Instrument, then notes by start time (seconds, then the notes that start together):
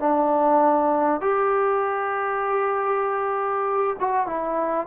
trombone
0.00 D4
1.21 G4
4.00 F#4
4.27 E4